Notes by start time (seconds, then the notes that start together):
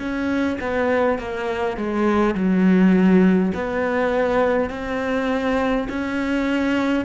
0.00 C#4
0.61 B3
1.19 A#3
1.77 G#3
2.35 F#3
3.55 B3
4.71 C4
5.89 C#4